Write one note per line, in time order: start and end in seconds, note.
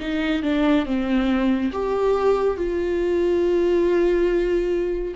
0.00 0.43 D#4
0.43 0.86 D4
0.86 1.71 C4
1.72 2.58 G4
2.58 5.15 F4